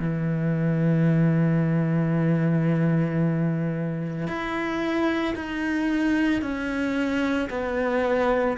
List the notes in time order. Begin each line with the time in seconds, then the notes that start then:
0.00 E3
4.28 E4
5.36 D#4
6.42 C#4
7.50 B3